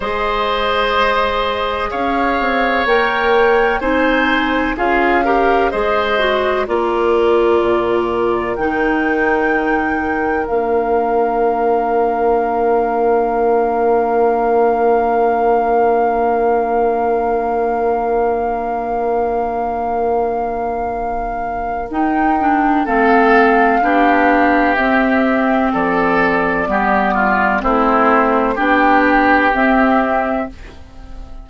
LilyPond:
<<
  \new Staff \with { instrumentName = "flute" } { \time 4/4 \tempo 4 = 63 dis''2 f''4 g''4 | gis''4 f''4 dis''4 d''4~ | d''4 g''2 f''4~ | f''1~ |
f''1~ | f''2. g''4 | f''2 e''4 d''4~ | d''4 c''4 g''4 e''4 | }
  \new Staff \with { instrumentName = "oboe" } { \time 4/4 c''2 cis''2 | c''4 gis'8 ais'8 c''4 ais'4~ | ais'1~ | ais'1~ |
ais'1~ | ais'1 | a'4 g'2 a'4 | g'8 f'8 e'4 g'2 | }
  \new Staff \with { instrumentName = "clarinet" } { \time 4/4 gis'2. ais'4 | dis'4 f'8 g'8 gis'8 fis'8 f'4~ | f'4 dis'2 d'4~ | d'1~ |
d'1~ | d'2. dis'8 d'8 | c'4 d'4 c'2 | b4 c'4 d'4 c'4 | }
  \new Staff \with { instrumentName = "bassoon" } { \time 4/4 gis2 cis'8 c'8 ais4 | c'4 cis'4 gis4 ais4 | ais,4 dis2 ais4~ | ais1~ |
ais1~ | ais2. dis'4 | a4 b4 c'4 f4 | g4 a4 b4 c'4 | }
>>